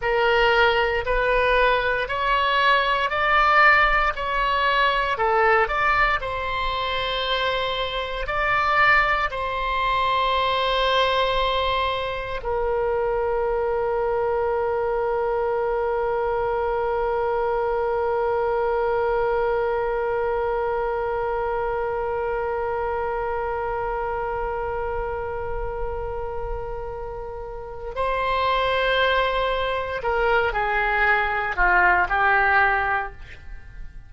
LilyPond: \new Staff \with { instrumentName = "oboe" } { \time 4/4 \tempo 4 = 58 ais'4 b'4 cis''4 d''4 | cis''4 a'8 d''8 c''2 | d''4 c''2. | ais'1~ |
ais'1~ | ais'1~ | ais'2. c''4~ | c''4 ais'8 gis'4 f'8 g'4 | }